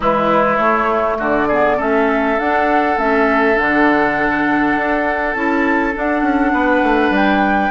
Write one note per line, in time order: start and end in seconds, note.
0.00 0.58 E3
0.00 0.57 G#3
0.00 1.17 E4
0.00 0.56 B4
0.56 1.46 A3
0.56 1.18 A3
0.56 1.15 C#5
1.18 1.78 D3
1.18 1.48 F#4
1.18 1.80 D5
1.48 1.78 B3
1.48 1.76 G#4
1.76 2.38 A3
1.76 2.37 C#4
1.76 6.52 A4
1.76 2.39 E5
2.38 2.97 D4
2.38 2.98 F#5
2.97 3.57 A3
2.97 3.56 C#4
2.97 3.58 E5
3.56 4.76 D3
3.56 5.34 D4
3.56 5.34 F#5
4.76 5.34 D4
5.34 5.94 C#4
5.34 5.93 E4
5.34 5.93 A5
5.93 7.71 D4
5.93 6.22 D4
5.93 7.15 F#5
6.22 6.51 C#4
6.52 6.82 B3
6.52 7.71 B4
6.82 7.10 A3
7.10 7.70 G3
7.10 7.71 G5